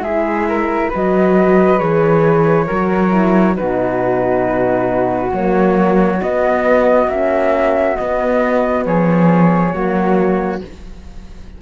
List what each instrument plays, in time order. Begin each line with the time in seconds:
0.00 cello G#3, horn E4, flute G#4 E5
0.49 flute A#4
0.90 cello F#3, horn F#4, flute B4
0.96 flute D#5
1.79 cello E3, horn G#4, flute C#5
2.67 cello F#3, horn F#4, flute A#4
3.12 horn E4
3.54 horn D#4, flute F#4 B4
3.61 cello B2
5.31 cello F#3, horn A#3, flute C#5
6.22 horn B3, cello B3, flute D#5
7.08 cello A#3, horn C#4, flute E5
7.96 horn B3, cello B3, flute D#5
8.85 cello F3, flute G#4 C#5
9.73 cello F#3, horn A#3, flute F#4